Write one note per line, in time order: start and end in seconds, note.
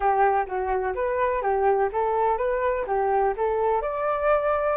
0.00 0.45 G4
0.46 0.94 F#4
0.95 1.42 B4
1.42 1.89 G4
1.92 2.37 A4
2.37 2.85 B4
2.86 3.34 G4
3.36 3.81 A4
3.81 4.76 D5